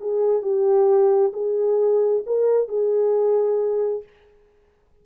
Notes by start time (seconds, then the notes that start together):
0.00 G#4
0.42 G4
1.33 G#4
2.26 A#4
2.68 G#4